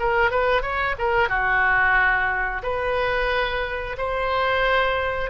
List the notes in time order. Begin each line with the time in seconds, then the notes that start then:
0.00 A#4
0.31 B4
0.62 C#5
0.99 A#4
1.29 F#4
2.63 B4
3.98 C5